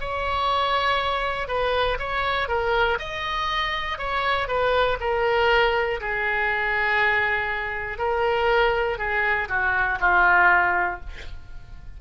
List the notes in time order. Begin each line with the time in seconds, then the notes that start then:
0.00 C#5
1.48 B4
1.99 C#5
2.48 A#4
2.99 D#5
3.98 C#5
4.47 B4
5.00 A#4
6.00 G#4
7.98 A#4
8.98 G#4
9.49 F#4
10.00 F4